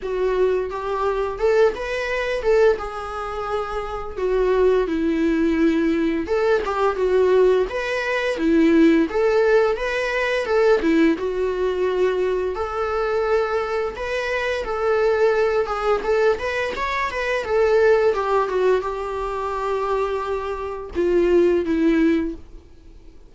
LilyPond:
\new Staff \with { instrumentName = "viola" } { \time 4/4 \tempo 4 = 86 fis'4 g'4 a'8 b'4 a'8 | gis'2 fis'4 e'4~ | e'4 a'8 g'8 fis'4 b'4 | e'4 a'4 b'4 a'8 e'8 |
fis'2 a'2 | b'4 a'4. gis'8 a'8 b'8 | cis''8 b'8 a'4 g'8 fis'8 g'4~ | g'2 f'4 e'4 | }